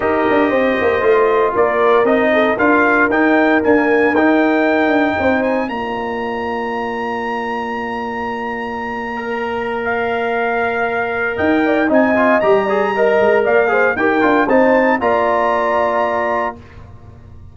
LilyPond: <<
  \new Staff \with { instrumentName = "trumpet" } { \time 4/4 \tempo 4 = 116 dis''2. d''4 | dis''4 f''4 g''4 gis''4 | g''2~ g''8 gis''8 ais''4~ | ais''1~ |
ais''2. f''4~ | f''2 g''4 gis''4 | ais''2 f''4 g''4 | a''4 ais''2. | }
  \new Staff \with { instrumentName = "horn" } { \time 4/4 ais'4 c''2 ais'4~ | ais'8 a'8 ais'2.~ | ais'2 c''4 d''4~ | d''1~ |
d''1~ | d''2 dis''8 d''8 dis''4~ | dis''8 d''8 dis''4 d''8 c''8 ais'4 | c''4 d''2. | }
  \new Staff \with { instrumentName = "trombone" } { \time 4/4 g'2 f'2 | dis'4 f'4 dis'4 ais4 | dis'2. f'4~ | f'1~ |
f'4.~ f'16 ais'2~ ais'16~ | ais'2. dis'8 f'8 | g'8 gis'8 ais'4. gis'8 g'8 f'8 | dis'4 f'2. | }
  \new Staff \with { instrumentName = "tuba" } { \time 4/4 dis'8 d'8 c'8 ais8 a4 ais4 | c'4 d'4 dis'4 d'4 | dis'4. d'8 c'4 ais4~ | ais1~ |
ais1~ | ais2 dis'4 c'4 | g4. gis8 ais4 dis'8 d'8 | c'4 ais2. | }
>>